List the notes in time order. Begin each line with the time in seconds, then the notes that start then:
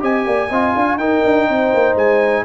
0.00 C4 G4 D#5 G#5
0.26 A#3 D5
0.50 C4 F4 D#5
0.76 D4 F5
0.97 D#4 A#4 G5
1.25 D4
1.49 C4 C5
1.74 A#3
1.96 G#3 G#5